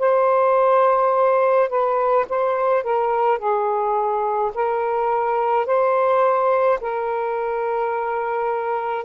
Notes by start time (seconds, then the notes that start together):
0.00 C5
1.70 B4
2.30 C5
2.84 A#4
3.39 G#4
4.55 A#4
5.67 C5
6.81 A#4